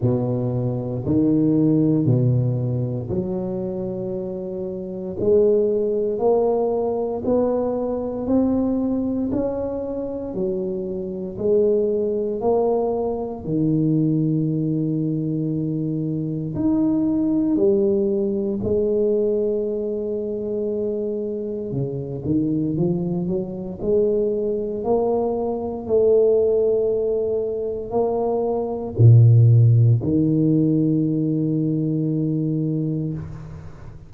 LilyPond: \new Staff \with { instrumentName = "tuba" } { \time 4/4 \tempo 4 = 58 b,4 dis4 b,4 fis4~ | fis4 gis4 ais4 b4 | c'4 cis'4 fis4 gis4 | ais4 dis2. |
dis'4 g4 gis2~ | gis4 cis8 dis8 f8 fis8 gis4 | ais4 a2 ais4 | ais,4 dis2. | }